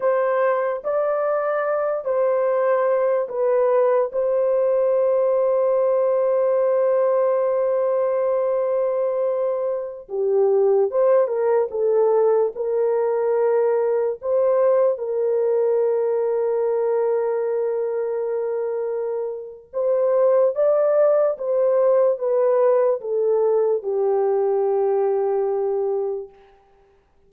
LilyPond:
\new Staff \with { instrumentName = "horn" } { \time 4/4 \tempo 4 = 73 c''4 d''4. c''4. | b'4 c''2.~ | c''1~ | c''16 g'4 c''8 ais'8 a'4 ais'8.~ |
ais'4~ ais'16 c''4 ais'4.~ ais'16~ | ais'1 | c''4 d''4 c''4 b'4 | a'4 g'2. | }